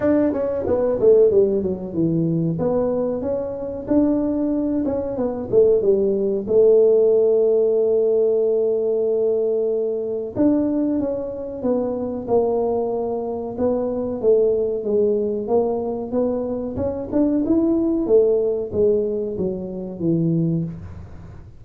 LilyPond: \new Staff \with { instrumentName = "tuba" } { \time 4/4 \tempo 4 = 93 d'8 cis'8 b8 a8 g8 fis8 e4 | b4 cis'4 d'4. cis'8 | b8 a8 g4 a2~ | a1 |
d'4 cis'4 b4 ais4~ | ais4 b4 a4 gis4 | ais4 b4 cis'8 d'8 e'4 | a4 gis4 fis4 e4 | }